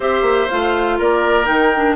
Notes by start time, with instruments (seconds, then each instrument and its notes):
0.00 bassoon C4, clarinet G4, oboe C5, flute E5
0.22 bassoon A#3
0.49 bassoon A3, clarinet F4, flute F5
0.98 bassoon A#3, oboe A#4, flute D5
1.45 bassoon D#3, clarinet D#4, flute G5
1.76 clarinet D4